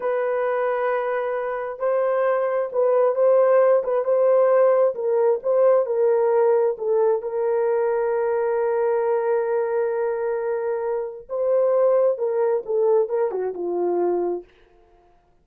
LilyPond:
\new Staff \with { instrumentName = "horn" } { \time 4/4 \tempo 4 = 133 b'1 | c''2 b'4 c''4~ | c''8 b'8 c''2 ais'4 | c''4 ais'2 a'4 |
ais'1~ | ais'1~ | ais'4 c''2 ais'4 | a'4 ais'8 fis'8 f'2 | }